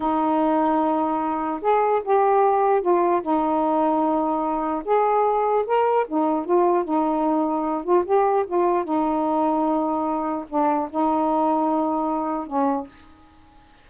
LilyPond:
\new Staff \with { instrumentName = "saxophone" } { \time 4/4 \tempo 4 = 149 dis'1 | gis'4 g'2 f'4 | dis'1 | gis'2 ais'4 dis'4 |
f'4 dis'2~ dis'8 f'8 | g'4 f'4 dis'2~ | dis'2 d'4 dis'4~ | dis'2. cis'4 | }